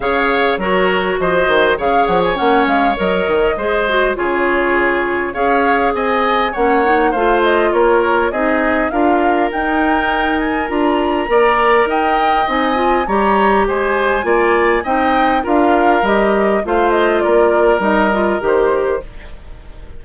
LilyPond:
<<
  \new Staff \with { instrumentName = "flute" } { \time 4/4 \tempo 4 = 101 f''4 cis''4 dis''4 f''8 fis''16 gis''16 | fis''8 f''8 dis''2 cis''4~ | cis''4 f''4 gis''4 fis''4 | f''8 dis''8 cis''4 dis''4 f''4 |
g''4. gis''8 ais''2 | g''4 gis''4 ais''4 gis''4~ | gis''4 g''4 f''4 dis''4 | f''8 dis''8 d''4 dis''4 c''4 | }
  \new Staff \with { instrumentName = "oboe" } { \time 4/4 cis''4 ais'4 c''4 cis''4~ | cis''2 c''4 gis'4~ | gis'4 cis''4 dis''4 cis''4 | c''4 ais'4 gis'4 ais'4~ |
ais'2. d''4 | dis''2 cis''4 c''4 | d''4 dis''4 ais'2 | c''4 ais'2. | }
  \new Staff \with { instrumentName = "clarinet" } { \time 4/4 gis'4 fis'2 gis'4 | cis'4 ais'4 gis'8 fis'8 f'4~ | f'4 gis'2 cis'8 dis'8 | f'2 dis'4 f'4 |
dis'2 f'4 ais'4~ | ais'4 dis'8 f'8 g'2 | f'4 dis'4 f'4 g'4 | f'2 dis'8 f'8 g'4 | }
  \new Staff \with { instrumentName = "bassoon" } { \time 4/4 cis4 fis4 f8 dis8 cis8 f8 | ais8 gis8 fis8 dis8 gis4 cis4~ | cis4 cis'4 c'4 ais4 | a4 ais4 c'4 d'4 |
dis'2 d'4 ais4 | dis'4 c'4 g4 gis4 | ais4 c'4 d'4 g4 | a4 ais4 g4 dis4 | }
>>